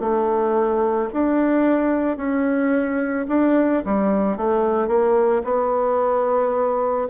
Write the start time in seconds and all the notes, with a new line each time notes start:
0.00 A3
1.13 D4
2.17 C#4
3.28 D4
3.85 G3
4.37 A3
4.88 A#3
5.44 B3